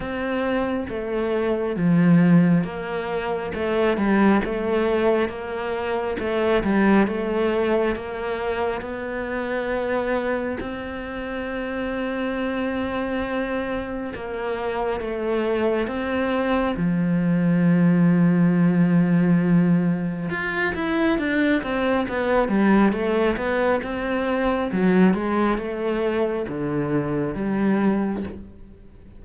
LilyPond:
\new Staff \with { instrumentName = "cello" } { \time 4/4 \tempo 4 = 68 c'4 a4 f4 ais4 | a8 g8 a4 ais4 a8 g8 | a4 ais4 b2 | c'1 |
ais4 a4 c'4 f4~ | f2. f'8 e'8 | d'8 c'8 b8 g8 a8 b8 c'4 | fis8 gis8 a4 d4 g4 | }